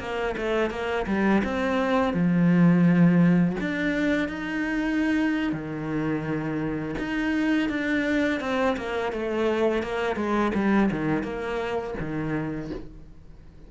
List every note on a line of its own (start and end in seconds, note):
0.00 0.36 A#3
0.37 0.71 A3
0.71 1.06 A#3
1.07 1.43 G3
1.44 2.14 C4
2.14 3.57 F3
3.61 4.29 D4
4.29 5.53 D#4
5.53 6.95 D#3
6.99 7.70 D#4
7.70 8.41 D4
8.41 8.77 C4
8.77 9.13 A#3
9.13 9.83 A3
9.83 10.16 A#3
10.16 10.52 G#3
10.55 10.90 G3
10.92 11.23 D#3
11.23 11.95 A#3
12.00 12.71 D#3